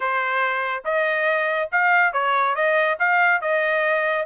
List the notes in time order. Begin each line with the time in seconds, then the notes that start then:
0.00 C5
0.84 D#5
1.71 F5
2.12 C#5
2.55 D#5
2.99 F5
3.41 D#5